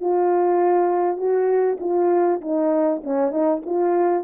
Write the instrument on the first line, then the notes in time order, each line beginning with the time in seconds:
horn
0.00 F4
1.17 F#4
1.80 F4
2.41 D#4
3.03 C#4
3.31 D#4
3.65 F4